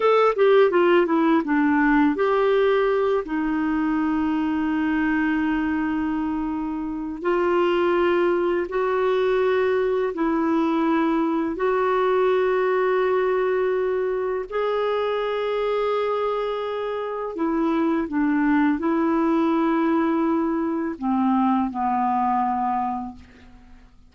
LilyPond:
\new Staff \with { instrumentName = "clarinet" } { \time 4/4 \tempo 4 = 83 a'8 g'8 f'8 e'8 d'4 g'4~ | g'8 dis'2.~ dis'8~ | dis'2 f'2 | fis'2 e'2 |
fis'1 | gis'1 | e'4 d'4 e'2~ | e'4 c'4 b2 | }